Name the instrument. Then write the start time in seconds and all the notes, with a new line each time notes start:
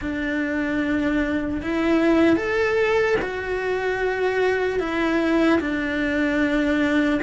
cello
0.01 D4
1.62 E4
2.36 A4
3.21 F#4
4.79 E4
5.60 D4